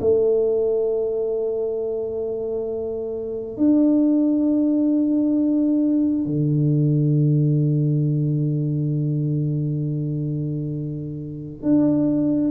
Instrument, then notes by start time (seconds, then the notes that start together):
tuba
0.00 A3
3.57 D4
6.25 D3
11.62 D4